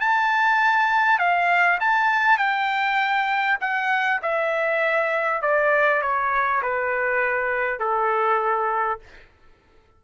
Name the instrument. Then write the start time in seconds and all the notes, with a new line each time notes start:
trumpet
0.00 A5
1.19 F5
1.80 A5
2.38 G5
3.61 F#5
4.22 E5
5.42 D5
6.02 C#5
6.62 B4
7.79 A4